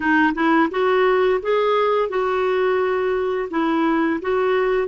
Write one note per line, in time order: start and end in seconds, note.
0.00 0.33 D#4
0.34 0.69 E4
0.70 1.40 F#4
1.42 2.09 G#4
2.09 3.48 F#4
3.50 4.20 E4
4.21 4.88 F#4